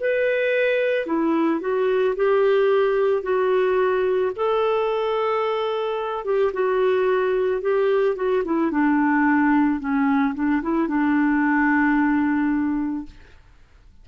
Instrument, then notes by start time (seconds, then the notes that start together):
clarinet
0.00 B4
1.06 E4
1.60 F#4
2.15 G4
3.22 F#4
4.35 A4
6.24 G4
6.53 F#4
7.61 G4
8.15 F#4
8.44 E4
8.71 D4
9.79 C#4
10.34 D4
10.62 E4
10.87 D4